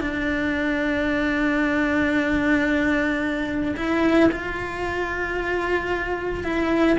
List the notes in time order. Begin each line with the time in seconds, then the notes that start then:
0.00 D4
3.76 E4
4.32 F4
6.43 E4